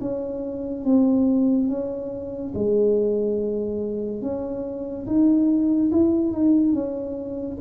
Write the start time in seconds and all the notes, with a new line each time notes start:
0.00 C#4
0.85 C4
1.68 C#4
2.54 G#3
4.21 C#4
5.06 D#4
5.91 E4
6.32 D#4
6.73 C#4